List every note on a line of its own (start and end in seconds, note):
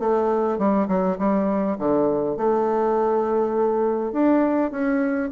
0.00 0.58 A3
0.58 0.88 G3
0.88 1.18 F#3
1.19 1.78 G3
1.79 2.37 D3
2.37 4.13 A3
4.13 4.71 D4
4.71 5.30 C#4